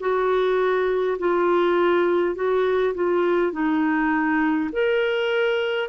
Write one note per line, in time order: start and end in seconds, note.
0.00 1.18 F#4
1.18 2.35 F4
2.35 2.94 F#4
2.94 3.52 F4
3.52 4.70 D#4
4.72 5.88 A#4